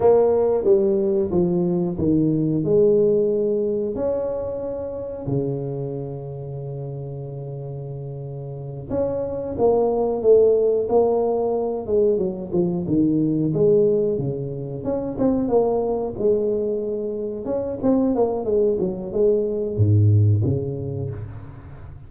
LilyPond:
\new Staff \with { instrumentName = "tuba" } { \time 4/4 \tempo 4 = 91 ais4 g4 f4 dis4 | gis2 cis'2 | cis1~ | cis4. cis'4 ais4 a8~ |
a8 ais4. gis8 fis8 f8 dis8~ | dis8 gis4 cis4 cis'8 c'8 ais8~ | ais8 gis2 cis'8 c'8 ais8 | gis8 fis8 gis4 gis,4 cis4 | }